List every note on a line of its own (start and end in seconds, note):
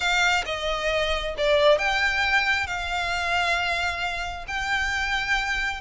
0.00 0.44 F5
0.45 1.35 D#5
1.37 1.78 D5
1.78 2.66 G5
2.66 4.45 F5
4.47 5.81 G5